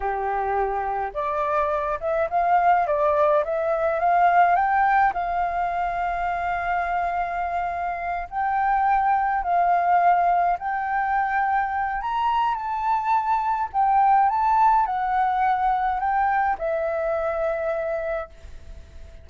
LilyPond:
\new Staff \with { instrumentName = "flute" } { \time 4/4 \tempo 4 = 105 g'2 d''4. e''8 | f''4 d''4 e''4 f''4 | g''4 f''2.~ | f''2~ f''8 g''4.~ |
g''8 f''2 g''4.~ | g''4 ais''4 a''2 | g''4 a''4 fis''2 | g''4 e''2. | }